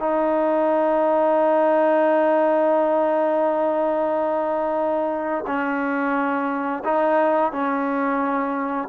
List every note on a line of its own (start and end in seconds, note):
0.00 5.45 D#4
5.47 6.84 C#4
6.85 7.52 D#4
7.52 8.89 C#4